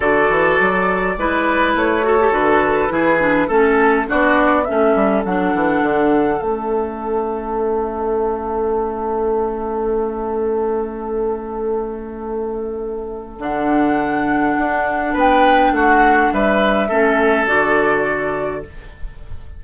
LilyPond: <<
  \new Staff \with { instrumentName = "flute" } { \time 4/4 \tempo 4 = 103 d''2. cis''4 | b'2 a'4 d''4 | e''4 fis''2 e''4~ | e''1~ |
e''1~ | e''2. fis''4~ | fis''2 g''4 fis''4 | e''2 d''2 | }
  \new Staff \with { instrumentName = "oboe" } { \time 4/4 a'2 b'4. a'8~ | a'4 gis'4 a'4 fis'4 | a'1~ | a'1~ |
a'1~ | a'1~ | a'2 b'4 fis'4 | b'4 a'2. | }
  \new Staff \with { instrumentName = "clarinet" } { \time 4/4 fis'2 e'4. fis'16 g'16 | fis'4 e'8 d'8 cis'4 d'4 | cis'4 d'2 cis'4~ | cis'1~ |
cis'1~ | cis'2. d'4~ | d'1~ | d'4 cis'4 fis'2 | }
  \new Staff \with { instrumentName = "bassoon" } { \time 4/4 d8 e8 fis4 gis4 a4 | d4 e4 a4 b4 | a8 g8 fis8 e8 d4 a4~ | a1~ |
a1~ | a2. d4~ | d4 d'4 b4 a4 | g4 a4 d2 | }
>>